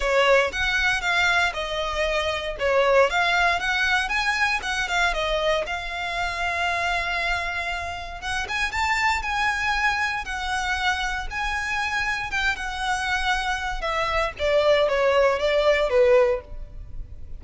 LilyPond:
\new Staff \with { instrumentName = "violin" } { \time 4/4 \tempo 4 = 117 cis''4 fis''4 f''4 dis''4~ | dis''4 cis''4 f''4 fis''4 | gis''4 fis''8 f''8 dis''4 f''4~ | f''1 |
fis''8 gis''8 a''4 gis''2 | fis''2 gis''2 | g''8 fis''2~ fis''8 e''4 | d''4 cis''4 d''4 b'4 | }